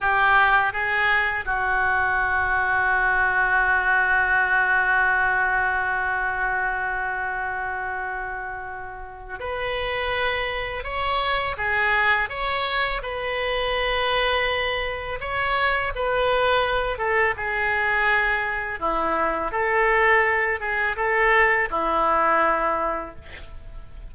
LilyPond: \new Staff \with { instrumentName = "oboe" } { \time 4/4 \tempo 4 = 83 g'4 gis'4 fis'2~ | fis'1~ | fis'1~ | fis'4 b'2 cis''4 |
gis'4 cis''4 b'2~ | b'4 cis''4 b'4. a'8 | gis'2 e'4 a'4~ | a'8 gis'8 a'4 e'2 | }